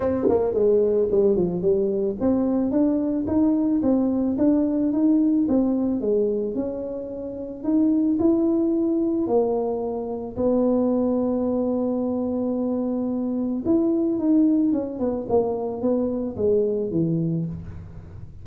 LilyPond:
\new Staff \with { instrumentName = "tuba" } { \time 4/4 \tempo 4 = 110 c'8 ais8 gis4 g8 f8 g4 | c'4 d'4 dis'4 c'4 | d'4 dis'4 c'4 gis4 | cis'2 dis'4 e'4~ |
e'4 ais2 b4~ | b1~ | b4 e'4 dis'4 cis'8 b8 | ais4 b4 gis4 e4 | }